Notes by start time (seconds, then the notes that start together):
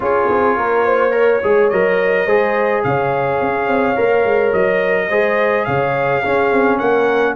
0.00 C#4 F4 G#4 C#5
0.29 C4
0.56 A#3 A#4
0.85 C5
1.10 A#4 C#5
1.43 G#3 G#4
1.69 F#3 A#4 D#5
2.26 G#3 G#4 C5
2.83 C#3 C#5 F5
3.40 C#4
3.68 C4
3.96 A#3 A#4
4.24 G#3
4.52 F#3 D#5
5.09 G#3 G#4 C5
5.65 C#3 C#5 F5
6.21 C#4 G#4
6.51 C4
6.78 A#3 A#4 F#5